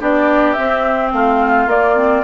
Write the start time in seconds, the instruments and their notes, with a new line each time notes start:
0.00 bassoon B3, clarinet D4, oboe G4, flute D5
0.53 clarinet C4, bassoon C4, flute E5
1.13 bassoon A3, oboe F4, flute F5
1.67 bassoon A#3, clarinet A#3, flute D5
1.96 clarinet C4